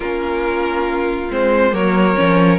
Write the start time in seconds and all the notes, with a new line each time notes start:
0.00 A#3 C#4 F4 A#4
1.30 G#3 C4 C5
1.71 F#3 A#3 A#4 C#5
2.14 F3 C#4